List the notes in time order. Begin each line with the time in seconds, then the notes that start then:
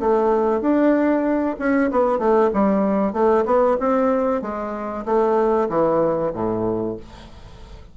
0.00 A3
0.61 D4
1.59 C#4
1.91 B3
2.19 A3
2.53 G3
3.13 A3
3.46 B3
3.80 C4
4.42 G#3
5.06 A3
5.69 E3
6.34 A2